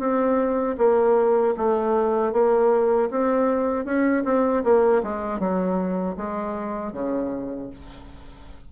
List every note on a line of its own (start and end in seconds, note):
0.00 0.77 C4
0.78 1.55 A#3
1.57 2.33 A3
2.33 3.10 A#3
3.11 3.85 C4
3.85 4.24 C#4
4.25 4.64 C4
4.64 5.02 A#3
5.03 5.40 G#3
5.40 6.17 F#3
6.17 6.93 G#3
6.93 7.70 C#3